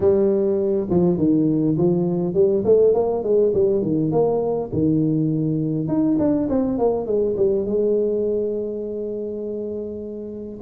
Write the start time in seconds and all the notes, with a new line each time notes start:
0.00 G3
0.90 F3
1.17 D#3
1.77 F3
2.34 G3
2.64 A3
2.94 A#3
3.23 G#3
3.54 G3
3.82 D#3
4.11 A#3
4.72 D#3
5.87 D#4
6.18 D4
6.49 C4
6.78 A#3
7.06 G#3
7.37 G3
7.65 G#3